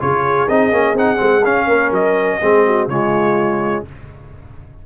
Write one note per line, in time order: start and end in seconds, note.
0.00 0.49 C#3
0.00 0.48 F4
0.00 1.67 G#4
0.00 0.48 C#5
0.48 0.72 C4
0.48 0.72 D#4
0.48 0.96 D#5
0.72 0.95 A#3
0.72 0.96 C#4
0.95 1.19 C4
0.95 1.17 D#4
0.95 1.45 F#5
1.17 1.45 G#3
1.17 1.41 C4
1.45 1.68 C#4
1.45 2.41 C#4
1.45 1.93 F5
1.67 1.91 A#3
1.67 2.39 A#4
1.91 2.39 F#3
1.91 2.89 D#5
2.42 2.87 G#3
2.42 2.90 C4
2.42 2.66 G#4
2.67 2.90 F#4
2.87 3.83 C#3
2.87 3.86 G#3
2.87 3.86 F4
2.87 3.85 C#5